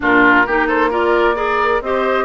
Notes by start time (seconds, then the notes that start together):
0.00 A#2 D4 F4 A#4
0.46 A#3 D#4 G4
0.67 A4 C5
0.90 F4 A#4 D5
1.35 G#4 A#4 D5
1.81 C4 G4 C5 D#5